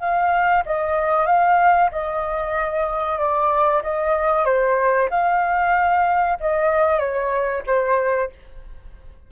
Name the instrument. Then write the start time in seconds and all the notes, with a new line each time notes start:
flute
0.00 F5
0.66 D#5
1.27 F5
1.92 D#5
3.19 D5
3.84 D#5
4.46 C5
5.11 F5
6.41 D#5
7.00 C#5
7.67 C5